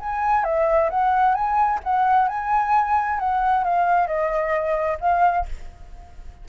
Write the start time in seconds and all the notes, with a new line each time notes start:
0.00 G#5
0.44 E5
0.90 F#5
1.35 G#5
1.84 F#5
2.29 G#5
3.20 F#5
3.64 F5
4.07 D#5
5.01 F5